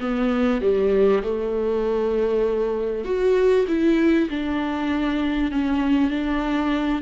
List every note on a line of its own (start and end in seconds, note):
0.00 0.61 B3
0.61 1.22 G3
1.23 3.04 A3
3.04 3.66 F#4
3.68 4.29 E4
4.29 5.51 D4
5.51 6.10 C#4
6.10 7.02 D4